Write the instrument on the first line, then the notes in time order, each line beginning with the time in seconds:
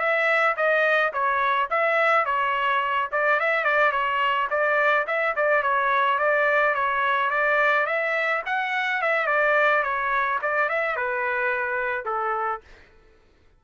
trumpet
0.00 E5
0.57 D#5
1.13 C#5
1.71 E5
2.25 C#5
3.12 D5
3.40 E5
3.64 D5
3.92 C#5
4.50 D5
5.07 E5
5.36 D5
5.63 C#5
6.19 D5
6.75 C#5
7.30 D5
7.86 E5
8.46 F#5
9.02 E5
9.27 D5
9.83 C#5
10.42 D5
10.69 E5
10.97 B4
12.05 A4